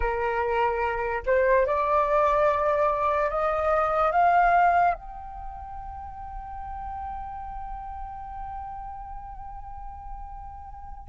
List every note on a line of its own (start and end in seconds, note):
0.00 1.22 A#4
1.26 1.66 C5
1.66 3.30 D5
3.30 4.11 D#5
4.11 4.94 F5
4.94 11.08 G5